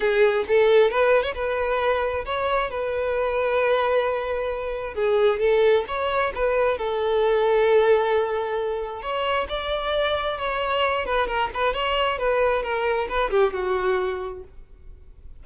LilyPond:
\new Staff \with { instrumentName = "violin" } { \time 4/4 \tempo 4 = 133 gis'4 a'4 b'8. cis''16 b'4~ | b'4 cis''4 b'2~ | b'2. gis'4 | a'4 cis''4 b'4 a'4~ |
a'1 | cis''4 d''2 cis''4~ | cis''8 b'8 ais'8 b'8 cis''4 b'4 | ais'4 b'8 g'8 fis'2 | }